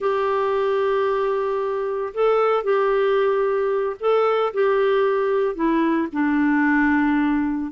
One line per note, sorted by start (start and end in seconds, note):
0.00 2.13 G4
2.14 2.63 A4
2.63 3.96 G4
4.00 4.53 A4
4.53 5.55 G4
5.55 6.08 E4
6.12 7.71 D4